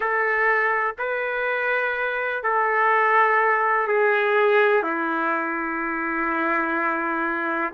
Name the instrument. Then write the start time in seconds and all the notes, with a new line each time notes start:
trumpet
0.00 A4
0.98 B4
2.43 A4
3.87 G#4
4.83 E4